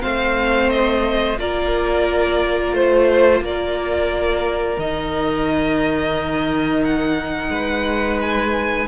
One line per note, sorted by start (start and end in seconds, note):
0.00 1.38 A3
0.00 1.36 C4
0.00 1.39 C5
0.00 0.69 F5
0.69 1.37 D#5
1.38 2.72 A#3
1.38 4.78 F4
1.38 2.76 A#4
1.38 2.74 D5
2.72 3.40 A3
2.72 3.42 C5
2.72 3.43 C5
3.40 4.76 A#3
3.40 7.51 A#4
3.40 4.79 D5
4.78 7.49 D#3
4.78 8.87 D#4
4.78 6.84 D#5
6.84 8.20 F#5
7.49 8.85 G#3
7.49 8.87 B4
8.20 8.87 G#5